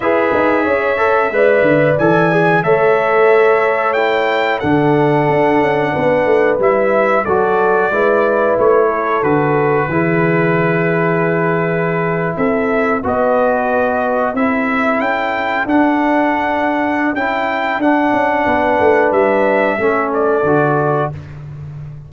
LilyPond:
<<
  \new Staff \with { instrumentName = "trumpet" } { \time 4/4 \tempo 4 = 91 e''2. gis''4 | e''2 g''4 fis''4~ | fis''2 e''4 d''4~ | d''4 cis''4 b'2~ |
b'2~ b'8. e''4 dis''16~ | dis''4.~ dis''16 e''4 g''4 fis''16~ | fis''2 g''4 fis''4~ | fis''4 e''4. d''4. | }
  \new Staff \with { instrumentName = "horn" } { \time 4/4 b'4 cis''4 d''2 | cis''2. a'4~ | a'4 b'2 a'4 | b'4. a'4. gis'4~ |
gis'2~ gis'8. a'4 b'16~ | b'4.~ b'16 a'2~ a'16~ | a'1 | b'2 a'2 | }
  \new Staff \with { instrumentName = "trombone" } { \time 4/4 gis'4. a'8 b'4 a'8 gis'8 | a'2 e'4 d'4~ | d'2 e'4 fis'4 | e'2 fis'4 e'4~ |
e'2.~ e'8. fis'16~ | fis'4.~ fis'16 e'2 d'16~ | d'2 e'4 d'4~ | d'2 cis'4 fis'4 | }
  \new Staff \with { instrumentName = "tuba" } { \time 4/4 e'8 dis'8 cis'4 gis8 d8 e4 | a2. d4 | d'8 cis'8 b8 a8 g4 fis4 | gis4 a4 d4 e4~ |
e2~ e8. c'4 b16~ | b4.~ b16 c'4 cis'4 d'16~ | d'2 cis'4 d'8 cis'8 | b8 a8 g4 a4 d4 | }
>>